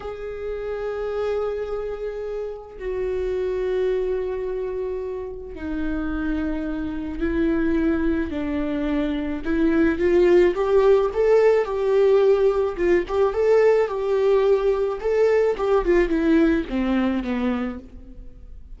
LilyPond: \new Staff \with { instrumentName = "viola" } { \time 4/4 \tempo 4 = 108 gis'1~ | gis'4 fis'2.~ | fis'2 dis'2~ | dis'4 e'2 d'4~ |
d'4 e'4 f'4 g'4 | a'4 g'2 f'8 g'8 | a'4 g'2 a'4 | g'8 f'8 e'4 c'4 b4 | }